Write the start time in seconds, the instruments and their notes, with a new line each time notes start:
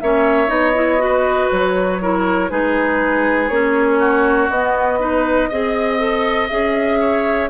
0.00 bassoon A#3, clarinet C#4, oboe C#5, flute E5
0.46 bassoon B3, clarinet D#4, flute D#5
0.74 clarinet E4
0.98 clarinet F#4, oboe B4
1.50 bassoon F#3, flute C#5
2.01 clarinet E4, oboe A#4
2.49 bassoon G#3, clarinet D#4, oboe G#4, flute B4
3.48 bassoon A#3, clarinet C#4, flute C#5
3.99 oboe F#4
4.49 bassoon B3, clarinet B3, flute D#5
4.99 clarinet D#4, oboe B4
5.49 bassoon C4, clarinet G#4, oboe D#5
5.98 clarinet A4
6.48 bassoon C#4, clarinet G#4, flute E5
6.99 oboe C#5